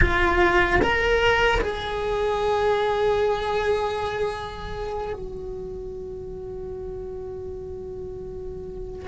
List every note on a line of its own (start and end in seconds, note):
0.01 0.80 F4
0.81 1.60 A#4
1.61 5.13 G#4
5.13 9.08 F#4